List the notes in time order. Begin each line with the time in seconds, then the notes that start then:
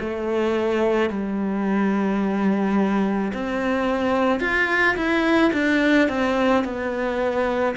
0.00 A3
1.10 G3
3.34 C4
4.40 F4
4.96 E4
5.54 D4
6.09 C4
6.65 B3